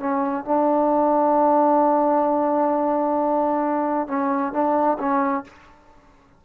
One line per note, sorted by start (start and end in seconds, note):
0.00 0.45 C#4
0.45 4.08 D4
4.08 4.53 C#4
4.53 4.98 D4
4.99 5.45 C#4